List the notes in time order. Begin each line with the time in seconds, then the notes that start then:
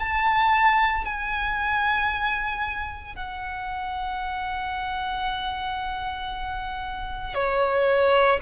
0.00 A5
1.05 G#5
3.16 F#5
7.35 C#5